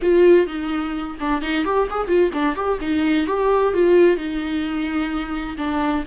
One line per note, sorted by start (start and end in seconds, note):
0.02 0.47 F4
0.47 1.16 D#4
1.19 1.41 D4
1.41 1.64 D#4
1.64 1.88 G4
1.90 2.07 G#4
2.07 2.30 F4
2.33 2.55 D4
2.55 2.78 G4
2.81 3.27 D#4
3.27 3.73 G4
3.73 4.16 F4
4.16 5.56 D#4
5.57 6.04 D4